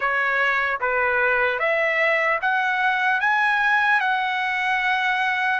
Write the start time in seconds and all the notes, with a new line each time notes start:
0.00 C#5
0.80 B4
1.59 E5
2.41 F#5
3.20 G#5
4.00 F#5